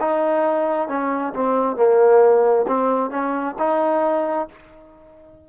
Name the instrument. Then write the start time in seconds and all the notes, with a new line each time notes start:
trombone
0.00 D#4
0.88 C#4
1.33 C4
1.76 A#3
2.67 C4
3.10 C#4
3.59 D#4